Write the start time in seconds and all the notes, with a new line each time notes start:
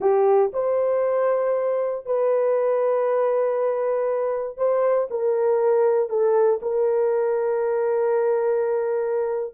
0.00 G4
0.53 C5
2.05 B4
4.57 C5
5.10 A#4
6.09 A4
6.62 A#4